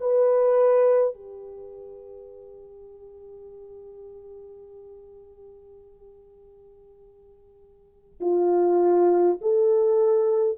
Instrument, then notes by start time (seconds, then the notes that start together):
horn
0.00 B4
1.14 G4
8.21 F4
9.41 A4